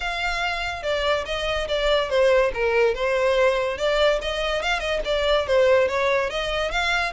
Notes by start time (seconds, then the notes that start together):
0.00 F5
0.83 D5
1.25 D#5
1.68 D5
2.09 C5
2.54 A#4
2.94 C5
3.77 D5
4.21 D#5
4.62 F5
4.79 D#5
5.05 D5
5.47 C5
5.87 C#5
6.30 D#5
6.71 F5